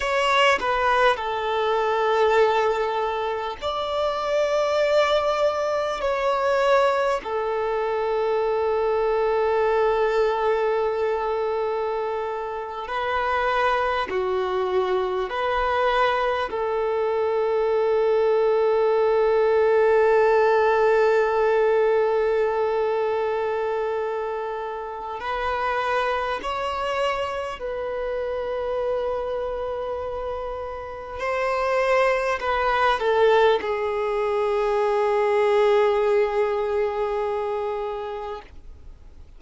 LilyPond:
\new Staff \with { instrumentName = "violin" } { \time 4/4 \tempo 4 = 50 cis''8 b'8 a'2 d''4~ | d''4 cis''4 a'2~ | a'2~ a'8. b'4 fis'16~ | fis'8. b'4 a'2~ a'16~ |
a'1~ | a'4 b'4 cis''4 b'4~ | b'2 c''4 b'8 a'8 | gis'1 | }